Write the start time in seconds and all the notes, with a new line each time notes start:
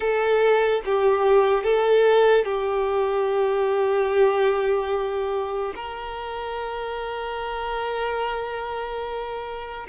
0.00 A4
0.85 G4
1.63 A4
2.44 G4
5.75 A#4